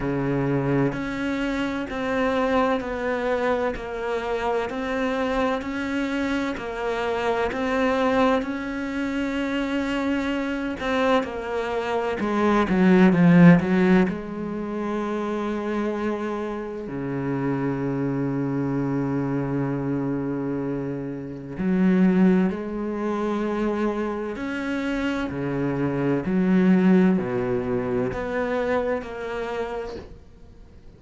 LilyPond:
\new Staff \with { instrumentName = "cello" } { \time 4/4 \tempo 4 = 64 cis4 cis'4 c'4 b4 | ais4 c'4 cis'4 ais4 | c'4 cis'2~ cis'8 c'8 | ais4 gis8 fis8 f8 fis8 gis4~ |
gis2 cis2~ | cis2. fis4 | gis2 cis'4 cis4 | fis4 b,4 b4 ais4 | }